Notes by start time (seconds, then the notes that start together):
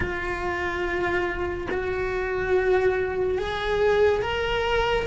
0.00 F4
1.70 F#4
3.38 G#4
4.21 A#4